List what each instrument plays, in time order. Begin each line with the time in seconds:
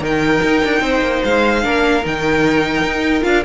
0.00 cello D#3, viola D#4, violin A#4 G5
0.43 cello D#4
0.64 cello D4
0.81 cello C4, violin C5
1.02 cello A#3
1.24 cello G#3, violin F5
1.63 cello A#3, viola D4, violin A#4
2.04 cello D#3, viola D#4, violin G5
2.83 cello D#4
3.22 cello D4, viola F4, violin F5